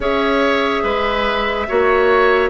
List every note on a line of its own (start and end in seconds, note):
0.00 0.81 C#4
0.00 1.67 G#4
0.00 0.83 C#5
0.00 2.49 E5
0.83 1.66 G#3
0.83 1.66 B4
1.68 2.49 A#3
1.68 2.49 F#4
1.68 2.49 C#5